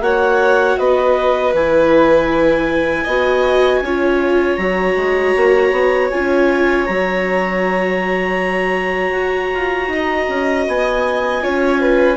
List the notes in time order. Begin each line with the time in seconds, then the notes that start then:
0.00 A#3 F#4 C#5 F#5
0.78 B3 B4 D#5
1.53 E3 E4 G#5
3.04 B3 F#4 D#5
3.81 C#4 F4 C#5
4.57 F#3 F#4 A#5
4.96 G#3
5.36 A#3
5.71 B3
6.10 C#4 F4 G#5
6.86 F#3 F#4 A#5
9.12 F#4
9.54 F4
9.88 D#4 D#5
10.28 C#4
10.68 B3 G#5
11.41 C#4 F4 C#5
11.80 B4